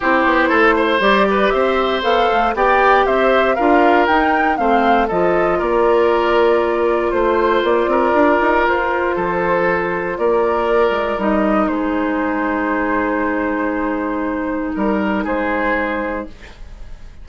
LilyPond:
<<
  \new Staff \with { instrumentName = "flute" } { \time 4/4 \tempo 4 = 118 c''2 d''4 e''4 | f''4 g''4 e''4 f''4 | g''4 f''4 dis''4 d''4~ | d''2 c''4 d''4~ |
d''4 c''2. | d''2 dis''4 c''4~ | c''1~ | c''4 ais'4 c''2 | }
  \new Staff \with { instrumentName = "oboe" } { \time 4/4 g'4 a'8 c''4 b'8 c''4~ | c''4 d''4 c''4 ais'4~ | ais'4 c''4 a'4 ais'4~ | ais'2 c''4. ais'8~ |
ais'2 a'2 | ais'2. gis'4~ | gis'1~ | gis'4 ais'4 gis'2 | }
  \new Staff \with { instrumentName = "clarinet" } { \time 4/4 e'2 g'2 | a'4 g'2 f'4 | dis'4 c'4 f'2~ | f'1~ |
f'1~ | f'2 dis'2~ | dis'1~ | dis'1 | }
  \new Staff \with { instrumentName = "bassoon" } { \time 4/4 c'8 b8 a4 g4 c'4 | b8 a8 b4 c'4 d'4 | dis'4 a4 f4 ais4~ | ais2 a4 ais8 c'8 |
d'8 dis'8 f'4 f2 | ais4. gis8 g4 gis4~ | gis1~ | gis4 g4 gis2 | }
>>